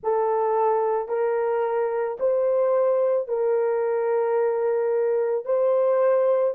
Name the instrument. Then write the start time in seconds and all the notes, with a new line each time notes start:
horn
0.03 A4
1.08 A#4
2.19 C5
3.28 A#4
5.45 C5